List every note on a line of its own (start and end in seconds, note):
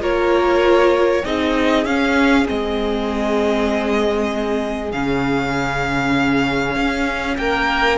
0.00 1.24 A#3
0.00 1.22 F4
0.00 1.23 A#4
0.00 1.25 C#5
1.23 1.85 C4
1.23 1.85 D#4
1.23 7.36 G#4
1.23 1.85 D#5
1.85 2.46 C#4
1.85 2.47 F5
2.46 4.93 G#3
2.46 4.91 C4
2.46 4.92 D#5
4.92 6.76 C#3
4.92 7.97 C#4
4.92 7.36 F5
6.76 7.37 C#4
7.37 7.97 A#3
7.37 7.97 A#4
7.37 7.97 G5